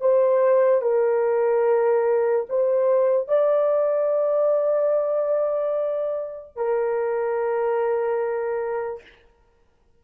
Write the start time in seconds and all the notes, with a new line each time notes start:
0.00 C5
0.81 A#4
2.49 C5
3.28 D5
6.55 A#4